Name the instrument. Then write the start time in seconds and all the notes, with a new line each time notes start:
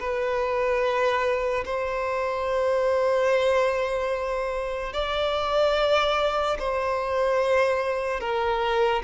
violin
0.00 B4
1.65 C5
4.93 D5
6.59 C5
8.20 A#4